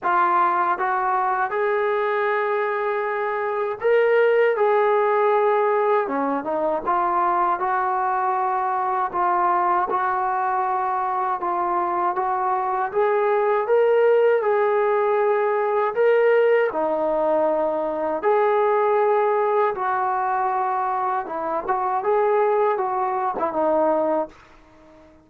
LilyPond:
\new Staff \with { instrumentName = "trombone" } { \time 4/4 \tempo 4 = 79 f'4 fis'4 gis'2~ | gis'4 ais'4 gis'2 | cis'8 dis'8 f'4 fis'2 | f'4 fis'2 f'4 |
fis'4 gis'4 ais'4 gis'4~ | gis'4 ais'4 dis'2 | gis'2 fis'2 | e'8 fis'8 gis'4 fis'8. e'16 dis'4 | }